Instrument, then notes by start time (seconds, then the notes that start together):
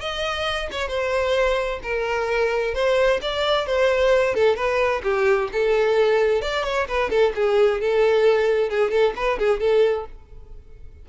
violin
0.00 D#5
0.71 C#5
0.88 C5
1.82 A#4
2.74 C5
3.21 D5
3.66 C5
4.34 A4
4.56 B4
5.03 G4
5.52 A4
6.41 D5
6.64 C#5
6.87 B4
7.10 A4
7.35 G#4
7.80 A4
8.69 G#4
8.90 A4
9.16 B4
9.38 G#4
9.60 A4